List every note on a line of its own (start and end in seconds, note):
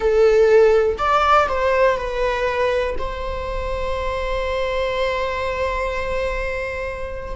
0.00 0.97 A4
0.98 1.47 D5
1.48 1.97 C5
1.97 2.95 B4
2.98 7.35 C5